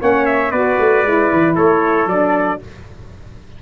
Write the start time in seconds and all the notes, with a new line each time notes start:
0.00 A#3 C#4 C#5 F#5
0.26 E5
0.51 B3 F#4 B4 D5
0.79 A3
1.02 G#3 E4
1.33 E3
1.55 A3 A4 C#5
2.06 F#3 D4 D5